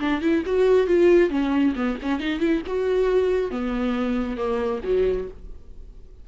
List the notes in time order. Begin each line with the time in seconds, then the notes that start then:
0.00 D4
0.22 E4
0.46 F#4
0.87 F4
1.30 C#4
1.76 B3
2.03 C#4
2.20 D#4
2.40 E4
2.67 F#4
3.51 B3
4.37 A#3
4.84 F#3